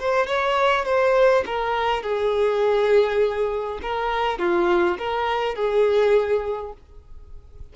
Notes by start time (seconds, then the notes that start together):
0.00 C5
0.27 C#5
0.85 C5
1.46 A#4
2.03 G#4
3.83 A#4
4.39 F4
4.99 A#4
5.56 G#4